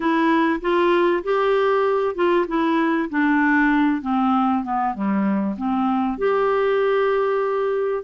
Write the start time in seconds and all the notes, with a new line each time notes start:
0.00 E4
0.61 F4
1.23 G4
2.15 F4
2.47 E4
3.09 D4
4.01 C4
4.63 B3
4.94 G3
5.57 C4
6.18 G4